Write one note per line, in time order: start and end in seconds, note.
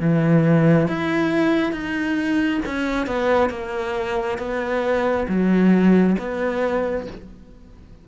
0.00 0.87 E3
0.87 1.72 E4
1.72 2.60 D#4
2.66 3.06 C#4
3.06 3.49 B3
3.49 4.38 A#3
4.38 5.26 B3
5.28 6.16 F#3
6.18 7.07 B3